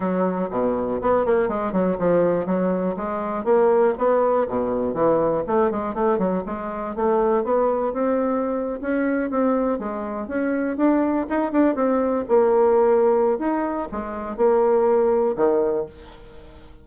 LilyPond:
\new Staff \with { instrumentName = "bassoon" } { \time 4/4 \tempo 4 = 121 fis4 b,4 b8 ais8 gis8 fis8 | f4 fis4 gis4 ais4 | b4 b,4 e4 a8 gis8 | a8 fis8 gis4 a4 b4 |
c'4.~ c'16 cis'4 c'4 gis16~ | gis8. cis'4 d'4 dis'8 d'8 c'16~ | c'8. ais2~ ais16 dis'4 | gis4 ais2 dis4 | }